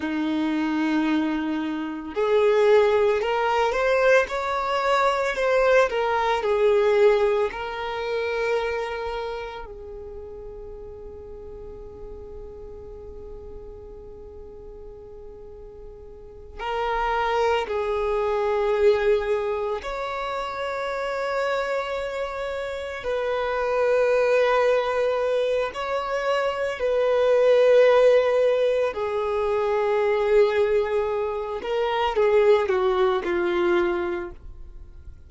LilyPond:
\new Staff \with { instrumentName = "violin" } { \time 4/4 \tempo 4 = 56 dis'2 gis'4 ais'8 c''8 | cis''4 c''8 ais'8 gis'4 ais'4~ | ais'4 gis'2.~ | gis'2.~ gis'8 ais'8~ |
ais'8 gis'2 cis''4.~ | cis''4. b'2~ b'8 | cis''4 b'2 gis'4~ | gis'4. ais'8 gis'8 fis'8 f'4 | }